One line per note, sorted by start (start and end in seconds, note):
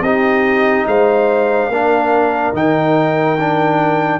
0.00 0.83 C4
0.00 1.72 D#4
0.00 0.87 G4
0.00 0.86 D#5
0.87 1.69 G#3
0.87 1.71 C5
0.87 2.54 F5
1.69 2.52 A#3
1.69 2.54 D4
1.69 4.20 A#4
2.53 4.20 D#3
2.53 3.37 D#4
2.53 4.20 G5
3.39 4.20 D4